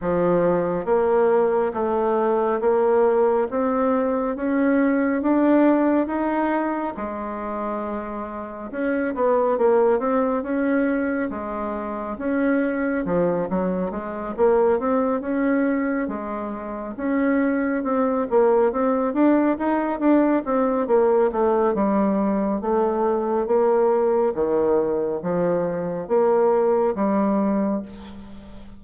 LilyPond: \new Staff \with { instrumentName = "bassoon" } { \time 4/4 \tempo 4 = 69 f4 ais4 a4 ais4 | c'4 cis'4 d'4 dis'4 | gis2 cis'8 b8 ais8 c'8 | cis'4 gis4 cis'4 f8 fis8 |
gis8 ais8 c'8 cis'4 gis4 cis'8~ | cis'8 c'8 ais8 c'8 d'8 dis'8 d'8 c'8 | ais8 a8 g4 a4 ais4 | dis4 f4 ais4 g4 | }